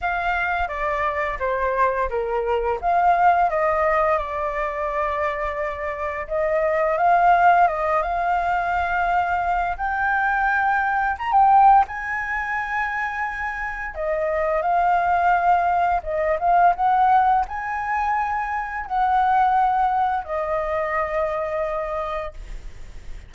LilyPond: \new Staff \with { instrumentName = "flute" } { \time 4/4 \tempo 4 = 86 f''4 d''4 c''4 ais'4 | f''4 dis''4 d''2~ | d''4 dis''4 f''4 dis''8 f''8~ | f''2 g''2 |
ais''16 g''8. gis''2. | dis''4 f''2 dis''8 f''8 | fis''4 gis''2 fis''4~ | fis''4 dis''2. | }